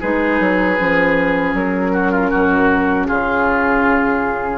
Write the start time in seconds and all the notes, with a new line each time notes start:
0.00 G#3 D#4 G#4 B4
0.40 F#3
0.77 F3 C#4
1.54 F#3 A#4
1.93 F#4
2.12 F4
2.31 F#2 F#4
3.07 C#3 F4 G#4